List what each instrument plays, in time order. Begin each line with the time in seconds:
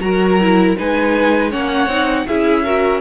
0.00 cello F#3, viola F#4, violin A#4 A#5
0.40 viola E4
0.77 cello G#3, viola D#4, violin B4 G#5
1.50 cello A#3, viola C#4, violin C#5 F#5
1.86 cello C4, viola D#4
2.27 cello C#4, viola E4, violin G#4 E5
2.64 viola F#4, violin A#4